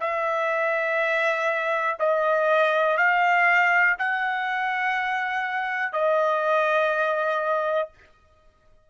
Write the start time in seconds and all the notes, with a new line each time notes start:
0.00 E5
1.99 D#5
2.97 F5
3.99 F#5
5.92 D#5